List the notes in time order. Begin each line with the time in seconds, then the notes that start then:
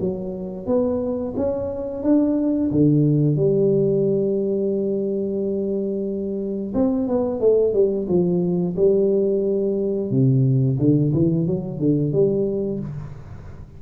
0.00 F#3
0.66 B3
1.36 C#4
2.03 D4
2.71 D3
3.36 G3
6.74 C4
7.08 B3
7.40 A3
7.73 G3
8.08 F3
8.76 G3
10.11 C3
10.79 D3
11.13 E3
11.46 F#3
11.79 D3
12.12 G3